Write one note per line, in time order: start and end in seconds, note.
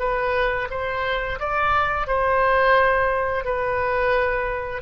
0.00 0.69 B4
0.71 1.39 C5
1.40 2.08 D5
2.08 3.45 C5
3.45 4.82 B4